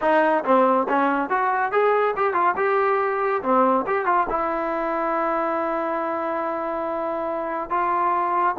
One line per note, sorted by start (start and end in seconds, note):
0.01 0.44 D#4
0.44 0.87 C4
0.89 1.29 C#4
1.29 1.71 F#4
1.71 2.14 G#4
2.16 2.33 G4
2.33 2.54 F4
2.56 3.42 G4
3.42 3.85 C4
3.86 4.05 G4
4.05 4.26 F4
4.29 7.70 E4
7.70 8.55 F4